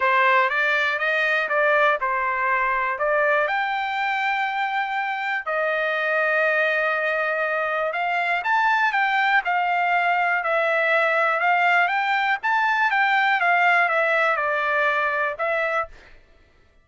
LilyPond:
\new Staff \with { instrumentName = "trumpet" } { \time 4/4 \tempo 4 = 121 c''4 d''4 dis''4 d''4 | c''2 d''4 g''4~ | g''2. dis''4~ | dis''1 |
f''4 a''4 g''4 f''4~ | f''4 e''2 f''4 | g''4 a''4 g''4 f''4 | e''4 d''2 e''4 | }